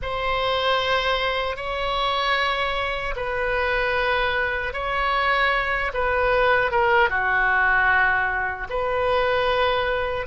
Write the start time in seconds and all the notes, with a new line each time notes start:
0.01 C5
1.56 C#5
3.15 B4
4.73 C#5
5.93 B4
6.71 A#4
7.09 F#4
8.69 B4